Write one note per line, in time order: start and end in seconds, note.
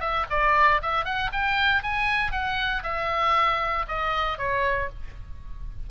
0.00 0.26 E5
0.30 0.81 D5
0.82 1.05 E5
1.05 1.31 F#5
1.32 1.83 G5
1.83 2.32 G#5
2.32 2.83 F#5
2.83 3.86 E5
3.88 4.38 D#5
4.38 4.89 C#5